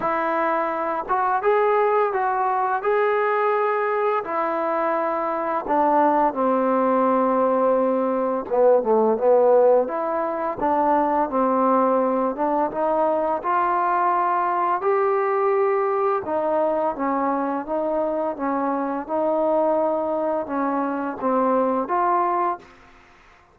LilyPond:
\new Staff \with { instrumentName = "trombone" } { \time 4/4 \tempo 4 = 85 e'4. fis'8 gis'4 fis'4 | gis'2 e'2 | d'4 c'2. | b8 a8 b4 e'4 d'4 |
c'4. d'8 dis'4 f'4~ | f'4 g'2 dis'4 | cis'4 dis'4 cis'4 dis'4~ | dis'4 cis'4 c'4 f'4 | }